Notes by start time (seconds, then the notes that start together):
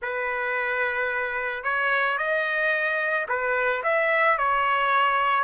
0.01 B4
1.63 C#5
2.17 D#5
3.28 B4
3.83 E5
4.38 C#5